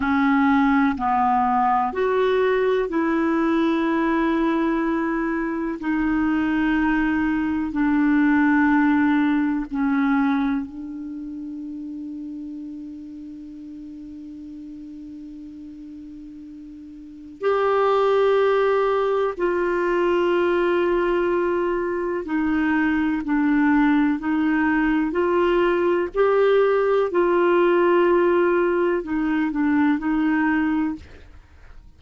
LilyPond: \new Staff \with { instrumentName = "clarinet" } { \time 4/4 \tempo 4 = 62 cis'4 b4 fis'4 e'4~ | e'2 dis'2 | d'2 cis'4 d'4~ | d'1~ |
d'2 g'2 | f'2. dis'4 | d'4 dis'4 f'4 g'4 | f'2 dis'8 d'8 dis'4 | }